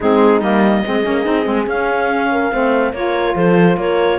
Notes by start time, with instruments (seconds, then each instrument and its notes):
0.00 cello G#3, saxophone C4, horn D#4, clarinet G#4
0.40 cello G3, saxophone A#3, clarinet D#5
0.84 cello G#3, saxophone C4, horn G#4
1.03 cello A#3, saxophone C#4
1.24 cello C4, saxophone D#4
1.44 cello G#3, saxophone C4
1.66 cello C#4, saxophone C#4, clarinet F5
2.31 horn A#4
2.52 cello A3, saxophone C4, horn C5
2.93 cello A#3, saxophone F4, horn A#4, clarinet C#5
3.35 cello F3, horn A4, clarinet C5
3.76 cello A#3, horn A#4, clarinet C#5